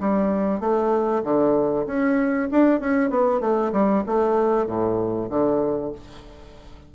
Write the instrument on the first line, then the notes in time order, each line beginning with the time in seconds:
bassoon
0.00 G3
0.60 A3
1.24 D3
1.86 C#4
2.51 D4
2.80 C#4
3.10 B3
3.41 A3
3.72 G3
4.06 A3
4.66 A2
5.30 D3